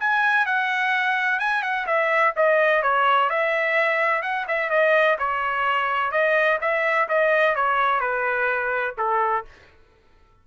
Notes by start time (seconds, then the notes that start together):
0.00 G#5
0.46 F#5
1.40 G#5
1.63 F#5
1.87 E5
2.36 D#5
2.83 C#5
3.30 E5
4.22 F#5
4.48 E5
4.70 D#5
5.19 C#5
6.12 D#5
6.61 E5
7.09 D#5
7.56 C#5
8.01 B4
8.98 A4